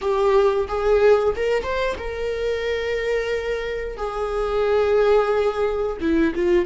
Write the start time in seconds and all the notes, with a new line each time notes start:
0.01 G4
0.68 G#4
1.35 A#4
1.63 C5
1.98 A#4
3.97 G#4
6.00 E4
6.35 F4